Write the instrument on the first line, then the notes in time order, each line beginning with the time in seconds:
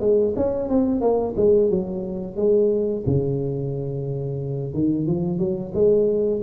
tuba
0.00 G#3
0.36 C#4
0.69 C4
1.01 A#3
1.36 G#3
1.70 F#3
2.36 G#3
3.06 C#3
4.73 D#3
5.06 F3
5.38 F#3
5.74 G#3